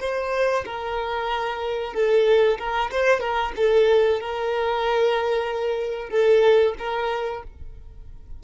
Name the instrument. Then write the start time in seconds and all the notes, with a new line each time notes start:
violin
0.00 C5
0.65 A#4
1.94 A4
2.58 A#4
2.91 C5
3.20 A#4
3.56 A4
4.20 A#4
6.10 A4
6.79 A#4